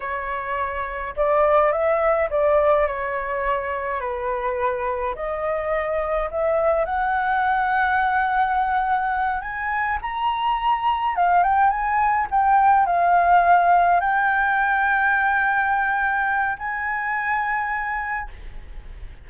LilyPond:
\new Staff \with { instrumentName = "flute" } { \time 4/4 \tempo 4 = 105 cis''2 d''4 e''4 | d''4 cis''2 b'4~ | b'4 dis''2 e''4 | fis''1~ |
fis''8 gis''4 ais''2 f''8 | g''8 gis''4 g''4 f''4.~ | f''8 g''2.~ g''8~ | g''4 gis''2. | }